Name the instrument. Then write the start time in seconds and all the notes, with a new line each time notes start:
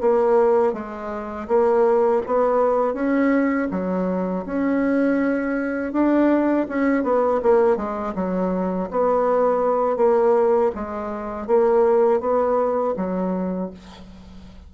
bassoon
0.00 A#3
0.73 G#3
1.47 A#3
2.26 B3
2.93 C#4
3.71 F#3
4.45 C#4
5.92 D4
6.68 C#4
7.03 B3
7.42 A#3
7.76 G#3
8.15 F#3
8.90 B3
9.96 A#3
10.74 G#3
11.46 A#3
12.20 B3
12.96 F#3